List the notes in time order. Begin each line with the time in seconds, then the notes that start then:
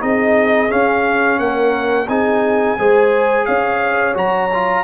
0.00 C4 D#4 G#4 D#5
0.69 C#4 F5
1.40 A#3 A#4 F#5
2.08 C4 D#4 G#4 G#5
2.79 G#3 G#4 C5
3.46 C#4 C#5 F5
4.15 F#3 F#4 A#5
4.54 F4